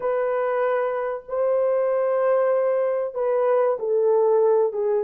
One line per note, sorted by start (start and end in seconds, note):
0.00 1.23 B4
1.28 3.14 C5
3.14 3.77 B4
3.79 4.72 A4
4.72 5.04 G#4